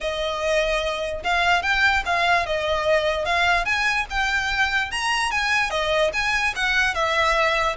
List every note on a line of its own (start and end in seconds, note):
0.00 1.23 D#5
1.23 1.62 F5
1.62 2.03 G5
2.05 2.46 F5
2.46 3.25 D#5
3.25 3.65 F5
3.65 4.06 G#5
4.09 4.91 G5
4.91 5.31 A#5
5.31 5.70 G#5
5.70 6.11 D#5
6.13 6.53 G#5
6.55 6.94 F#5
6.94 7.76 E5